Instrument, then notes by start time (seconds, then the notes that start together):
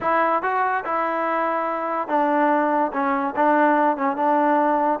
trombone
0.00 E4
0.42 F#4
0.84 E4
2.08 D4
2.92 C#4
3.36 D4
3.96 C#4
4.16 D4